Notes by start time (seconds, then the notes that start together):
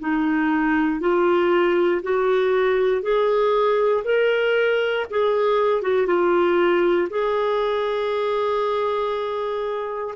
0.00 D#4
1.00 F4
2.03 F#4
3.02 G#4
4.04 A#4
5.10 G#4
5.82 F#4
6.06 F4
7.10 G#4